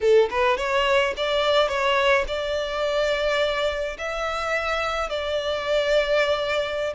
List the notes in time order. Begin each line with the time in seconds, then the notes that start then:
0.01 A4
0.30 B4
0.57 C#5
1.16 D5
1.68 C#5
2.27 D5
3.98 E5
5.09 D5